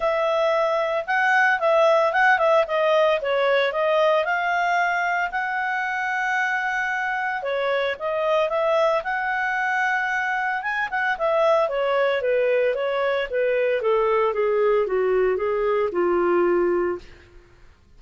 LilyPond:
\new Staff \with { instrumentName = "clarinet" } { \time 4/4 \tempo 4 = 113 e''2 fis''4 e''4 | fis''8 e''8 dis''4 cis''4 dis''4 | f''2 fis''2~ | fis''2 cis''4 dis''4 |
e''4 fis''2. | gis''8 fis''8 e''4 cis''4 b'4 | cis''4 b'4 a'4 gis'4 | fis'4 gis'4 f'2 | }